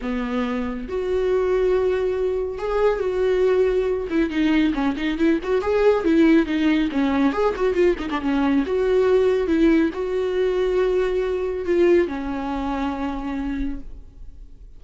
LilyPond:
\new Staff \with { instrumentName = "viola" } { \time 4/4 \tempo 4 = 139 b2 fis'2~ | fis'2 gis'4 fis'4~ | fis'4. e'8 dis'4 cis'8 dis'8 | e'8 fis'8 gis'4 e'4 dis'4 |
cis'4 gis'8 fis'8 f'8 dis'16 d'16 cis'4 | fis'2 e'4 fis'4~ | fis'2. f'4 | cis'1 | }